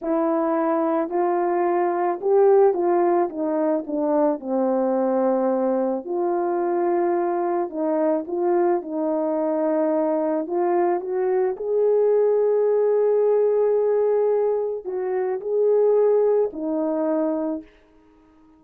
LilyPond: \new Staff \with { instrumentName = "horn" } { \time 4/4 \tempo 4 = 109 e'2 f'2 | g'4 f'4 dis'4 d'4 | c'2. f'4~ | f'2 dis'4 f'4 |
dis'2. f'4 | fis'4 gis'2.~ | gis'2. fis'4 | gis'2 dis'2 | }